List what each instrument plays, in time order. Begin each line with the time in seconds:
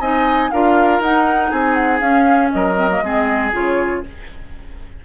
0.00 bassoon C4, clarinet D#4, oboe D#5, flute G#5
0.51 bassoon D4, clarinet F4, oboe A#4, flute F5
1.00 bassoon D#4, clarinet D#4, flute F#5
1.51 bassoon C4, oboe G#4, flute G#5
1.74 flute F#5
2.00 bassoon C#4, clarinet C#4, flute F5
2.52 bassoon F#3, oboe A#4, flute D#5
2.76 clarinet C4
2.91 clarinet A#3
3.01 bassoon G#3, clarinet C4, oboe G#4
3.53 bassoon C#3, clarinet F4, flute C#5